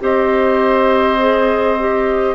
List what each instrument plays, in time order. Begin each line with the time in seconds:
0.00 bassoon C4, clarinet G4, oboe C5, flute D#5
1.19 clarinet G#4
1.79 clarinet G4